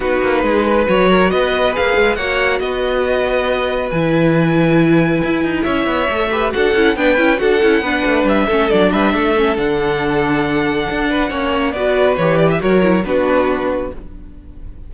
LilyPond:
<<
  \new Staff \with { instrumentName = "violin" } { \time 4/4 \tempo 4 = 138 b'2 cis''4 dis''4 | f''4 fis''4 dis''2~ | dis''4 gis''2.~ | gis''4 e''2 fis''4 |
g''4 fis''2 e''4 | d''8 e''4. fis''2~ | fis''2. d''4 | cis''8 d''16 e''16 cis''4 b'2 | }
  \new Staff \with { instrumentName = "violin" } { \time 4/4 fis'4 gis'8 b'4 ais'8 b'4~ | b'4 cis''4 b'2~ | b'1~ | b'4 cis''4. b'8 a'4 |
b'4 a'4 b'4. a'8~ | a'8 b'8 a'2.~ | a'4. b'8 cis''4 b'4~ | b'4 ais'4 fis'2 | }
  \new Staff \with { instrumentName = "viola" } { \time 4/4 dis'2 fis'2 | gis'4 fis'2.~ | fis'4 e'2.~ | e'2 a'8 g'8 fis'8 e'8 |
d'8 e'8 fis'8 e'8 d'4. cis'8 | d'4. cis'8 d'2~ | d'2 cis'4 fis'4 | g'4 fis'8 e'8 d'2 | }
  \new Staff \with { instrumentName = "cello" } { \time 4/4 b8 ais8 gis4 fis4 b4 | ais8 gis8 ais4 b2~ | b4 e2. | e'8 dis'8 cis'8 b8 a4 d'8 cis'8 |
b8 cis'8 d'8 cis'8 b8 a8 g8 a8 | fis8 g8 a4 d2~ | d4 d'4 ais4 b4 | e4 fis4 b2 | }
>>